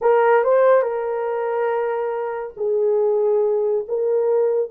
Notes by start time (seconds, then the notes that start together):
0.01 A#4
0.44 C5
0.82 A#4
2.57 G#4
3.88 A#4